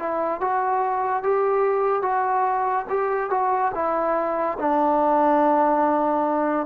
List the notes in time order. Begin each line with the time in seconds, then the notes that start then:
0.00 E4
0.41 F#4
1.23 G4
2.02 F#4
2.90 G4
3.31 F#4
3.75 E4
4.59 D4